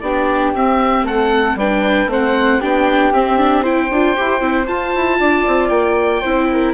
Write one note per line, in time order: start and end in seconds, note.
0.00 0.53 B3
0.00 0.55 D4
0.00 1.05 G4
0.00 0.52 D5
0.54 1.03 C4
0.54 1.59 C4
0.54 1.06 E5
1.03 1.55 A3
1.03 1.57 A4
1.03 1.58 F#5
1.55 2.06 G3
1.55 2.09 D4
1.55 2.10 B4
1.55 2.10 G5
2.06 2.58 A3
2.06 2.60 C4
2.06 2.60 C5
2.13 2.63 F#5
2.60 3.12 B3
2.60 3.13 D4
2.60 3.62 G4
2.60 3.13 G5
3.12 3.90 C4
3.12 3.38 C4
3.12 3.65 E5
3.38 3.64 D4
3.62 3.89 E4
3.62 5.18 C5
3.62 4.67 G5
3.90 4.16 D4
3.90 4.16 F4
4.16 4.41 E4
4.16 4.40 G4
4.40 4.66 C4
4.40 4.66 E4
4.66 6.22 F4
4.66 4.93 F4
4.66 5.69 A5
4.95 5.20 E4
5.20 5.46 D4
5.20 6.21 D5
5.47 5.70 C4
5.69 6.21 A#3
5.69 6.73 G5
6.21 6.74 C4
6.21 6.74 E4
6.21 6.47 C5
6.52 6.74 A#4